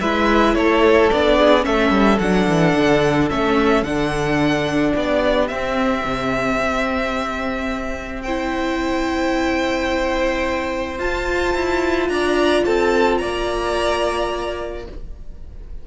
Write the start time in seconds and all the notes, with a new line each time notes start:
0.00 G#3 E4 B4 E5
0.54 A3 A4 C#5
1.09 B3 D4 D5
1.37 G#4
1.61 A3 C#4 A4 E5
1.90 G3
2.19 F#3 D4 F#5
2.47 E3
2.76 D3
3.30 A3 C#4 E5
3.82 D3 D4 F#5
4.94 B3 G4 D5
5.47 C4 E5
6.04 C3
6.59 C4
8.22 E4 C5 G5
10.97 F4 A5
11.54 E4
12.08 D4 D5 A#5
12.64 C4 A4 A5
13.17 A#3 D5 A#5